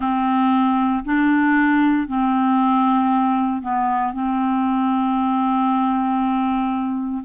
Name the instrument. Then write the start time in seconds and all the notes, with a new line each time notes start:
clarinet
0.00 C4
1.04 D4
2.07 C4
3.62 B3
4.13 C4